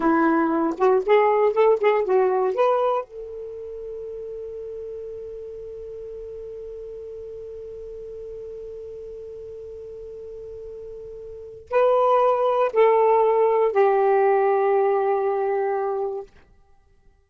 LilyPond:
\new Staff \with { instrumentName = "saxophone" } { \time 4/4 \tempo 4 = 118 e'4. fis'8 gis'4 a'8 gis'8 | fis'4 b'4 a'2~ | a'1~ | a'1~ |
a'1~ | a'2. b'4~ | b'4 a'2 g'4~ | g'1 | }